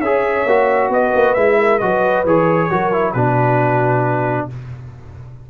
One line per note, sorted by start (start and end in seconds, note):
0.00 0.45 C#4
0.00 0.48 G#4
0.00 0.92 C#5
0.00 0.90 E5
0.46 0.89 A#3
0.46 1.36 F#4
0.89 1.11 B3
0.89 1.59 B4
0.89 1.34 D#5
1.15 1.36 A#3
1.34 1.81 G#3
1.34 1.81 E4
1.34 1.78 E5
1.59 1.80 A#4
1.78 2.24 F#3
1.78 2.25 F#4
1.78 2.70 B4
1.78 2.23 D#5
2.24 2.69 E3
2.24 2.70 G#4
2.24 3.13 C#5
2.70 3.14 F#3
2.70 2.92 F#4
2.70 3.12 A#4
2.92 3.14 E4
3.12 4.49 B2
3.12 4.50 D4
3.12 4.47 F#4
3.12 4.47 B4